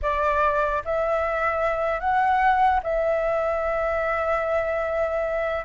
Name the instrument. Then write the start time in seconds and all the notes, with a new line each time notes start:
flute
0.02 D5
0.84 E5
2.00 F#5
2.83 E5